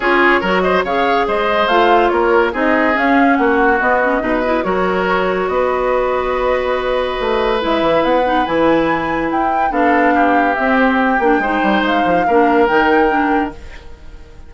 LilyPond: <<
  \new Staff \with { instrumentName = "flute" } { \time 4/4 \tempo 4 = 142 cis''4. dis''8 f''4 dis''4 | f''4 cis''4 dis''4 f''4 | fis''4 dis''2 cis''4~ | cis''4 dis''2.~ |
dis''2 e''4 fis''4 | gis''2 g''4 f''4~ | f''4 e''8 c''8 g''2 | f''2 g''2 | }
  \new Staff \with { instrumentName = "oboe" } { \time 4/4 gis'4 ais'8 c''8 cis''4 c''4~ | c''4 ais'4 gis'2 | fis'2 b'4 ais'4~ | ais'4 b'2.~ |
b'1~ | b'2. a'4 | g'2. c''4~ | c''4 ais'2. | }
  \new Staff \with { instrumentName = "clarinet" } { \time 4/4 f'4 fis'4 gis'2 | f'2 dis'4 cis'4~ | cis'4 b8 cis'8 dis'8 e'8 fis'4~ | fis'1~ |
fis'2 e'4. dis'8 | e'2. d'4~ | d'4 c'4. d'8 dis'4~ | dis'4 d'4 dis'4 d'4 | }
  \new Staff \with { instrumentName = "bassoon" } { \time 4/4 cis'4 fis4 cis4 gis4 | a4 ais4 c'4 cis'4 | ais4 b4 b,4 fis4~ | fis4 b2.~ |
b4 a4 gis8 e8 b4 | e2 e'4 b4~ | b4 c'4. ais8 gis8 g8 | gis8 f8 ais4 dis2 | }
>>